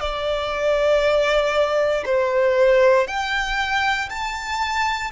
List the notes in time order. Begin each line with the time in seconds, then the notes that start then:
0.00 D5
2.05 C5
3.07 G5
4.09 A5